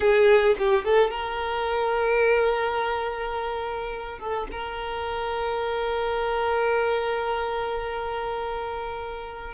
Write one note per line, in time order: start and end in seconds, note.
0.00 0.55 G#4
0.58 0.84 G4
0.84 1.10 A4
1.10 4.18 A#4
4.18 4.46 A4
4.51 9.54 A#4